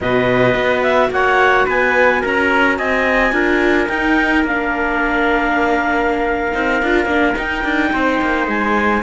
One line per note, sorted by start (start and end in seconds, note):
0.00 0.54 B2
0.00 3.32 F#4
0.00 1.12 B4
0.00 0.83 D#5
0.54 1.09 B3
0.83 1.10 E5
1.10 1.66 A#3
1.10 1.65 C#5
1.10 1.68 F#5
1.65 2.23 B3
1.65 2.21 B4
1.65 2.23 G#5
2.21 2.78 C#4
2.21 2.77 A#4
2.21 2.77 A#5
2.77 3.31 C4
2.77 3.33 D#5
2.77 3.88 G#5
3.31 3.87 D4
3.31 3.87 F4
3.31 7.92 A#4
3.88 4.44 D#4
3.88 4.46 D#4
3.88 4.44 G5
4.44 6.52 A#3
4.44 6.52 D4
4.44 7.36 F5
6.52 6.81 C4
6.52 6.80 D#4
6.82 7.05 D4
6.82 7.07 F4
7.05 7.33 A#3
7.05 7.34 D4
7.34 9.01 D#4
7.34 7.64 D#4
7.34 8.47 G5
7.64 7.92 D4
7.92 8.20 C4
7.92 9.03 C5
8.21 8.47 A#3
8.47 9.02 G#3
8.47 9.03 G#5